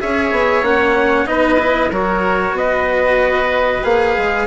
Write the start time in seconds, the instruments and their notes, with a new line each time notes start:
0.00 bassoon C#4, cello G#4, oboe C#5, trumpet E5
0.31 bassoon B3
0.62 bassoon A#3, cello C#4, trumpet F#5
1.26 bassoon B3, cello D#4, oboe B4, trumpet D#5
1.59 cello E4
1.91 bassoon F#3, cello F#4, oboe A#4, trumpet C#5
2.53 bassoon B3, oboe B4, trumpet D#5
3.84 bassoon A#3, cello G#4, trumpet F5
4.17 bassoon G#3